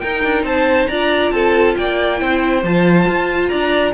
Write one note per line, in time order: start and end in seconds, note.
0.00 0.24 D#4
0.00 0.91 D#4
0.00 0.46 A#4
0.00 0.44 G5
0.24 0.43 D4
0.43 0.87 C4
0.43 0.89 C5
0.43 0.88 A5
0.88 1.32 D4
0.88 2.18 F4
0.88 1.33 D5
0.88 1.31 A#5
1.32 1.75 C4
1.32 1.77 A4
1.32 1.75 A5
1.76 2.21 A#3
1.76 2.20 D5
1.76 2.64 G5
2.18 2.63 C4
2.18 2.61 E4
2.18 3.49 C5
2.63 3.07 F3
2.63 3.94 F4
2.63 3.48 A5
3.08 3.52 F4
3.48 3.94 D4
3.48 3.93 D5
3.48 3.92 A#5